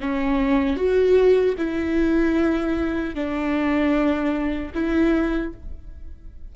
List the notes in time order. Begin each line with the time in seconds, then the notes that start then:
0.00 C#4
0.76 F#4
1.57 E4
3.14 D4
4.73 E4